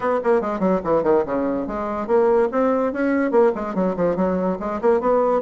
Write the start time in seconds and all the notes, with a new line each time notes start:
0.00 B3
0.23 A#3
0.41 G#3
0.59 F#3
0.84 E3
1.03 D#3
1.25 C#3
1.67 G#3
2.07 A#3
2.51 C4
2.93 C#4
3.31 A#3
3.55 G#3
3.74 F#3
3.96 F3
4.16 F#3
4.59 G#3
4.81 A#3
5.00 B3